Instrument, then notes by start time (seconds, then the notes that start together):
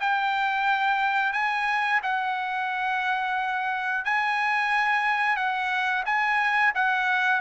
trumpet
0.00 G5
1.33 G#5
2.03 F#5
4.05 G#5
5.36 F#5
6.06 G#5
6.75 F#5